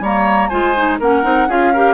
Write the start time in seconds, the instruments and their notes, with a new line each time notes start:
0.00 bassoon G3, clarinet A#3, oboe C#5, flute A#5
0.49 bassoon G#3, clarinet F4, oboe C5, flute G#5
0.75 clarinet D#4
0.99 bassoon A#3, clarinet C#4, oboe A#4, flute F#5
1.23 bassoon C4, clarinet D#4
1.48 bassoon C#4, clarinet F4, oboe G#4, flute F5
1.73 clarinet G4, oboe A#4